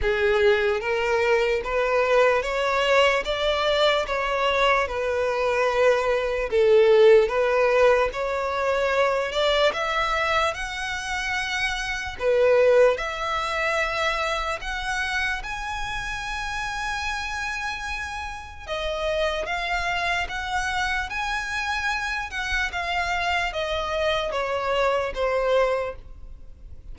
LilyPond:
\new Staff \with { instrumentName = "violin" } { \time 4/4 \tempo 4 = 74 gis'4 ais'4 b'4 cis''4 | d''4 cis''4 b'2 | a'4 b'4 cis''4. d''8 | e''4 fis''2 b'4 |
e''2 fis''4 gis''4~ | gis''2. dis''4 | f''4 fis''4 gis''4. fis''8 | f''4 dis''4 cis''4 c''4 | }